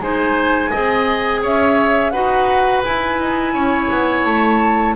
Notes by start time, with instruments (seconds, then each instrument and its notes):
0.00 double bass G#3, clarinet D#4, oboe C5, flute G#5
0.70 double bass C4, clarinet G#4, oboe D#5
1.42 double bass C#4, oboe C#5, flute E5
2.11 double bass D#4, clarinet F#4, oboe B4, flute F#5
2.84 clarinet E4, double bass E4, flute G#5
3.20 double bass D#4
3.54 double bass C#4, oboe C#5
3.90 double bass B3
4.25 double bass A3, flute A5